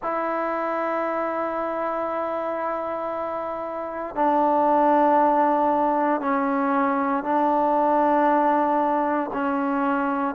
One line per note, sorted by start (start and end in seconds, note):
0.02 4.15 E4
4.15 6.20 D4
6.20 7.23 C#4
7.23 9.30 D4
9.33 10.34 C#4